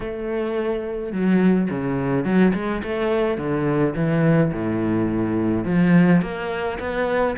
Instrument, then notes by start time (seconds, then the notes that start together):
cello
0.00 A3
1.12 F#3
1.70 C#3
2.24 F#3
2.54 G#3
2.83 A3
3.37 D3
3.95 E3
4.52 A2
5.64 F3
6.21 A#3
6.79 B3